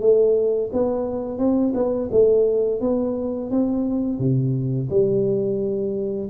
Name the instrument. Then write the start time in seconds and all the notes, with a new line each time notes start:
tuba
0.00 A3
0.73 B3
1.38 C4
1.74 B3
2.11 A3
2.81 B3
3.50 C4
4.19 C3
4.90 G3